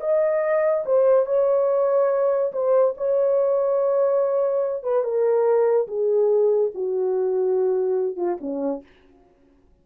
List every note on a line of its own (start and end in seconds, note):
0.00 0.84 D#5
0.85 1.26 C5
1.26 2.52 C#5
2.52 2.94 C5
2.97 4.83 C#5
4.83 5.03 B4
5.03 5.87 A#4
5.87 6.71 G#4
6.74 8.16 F#4
8.16 8.37 F4
8.40 8.82 C#4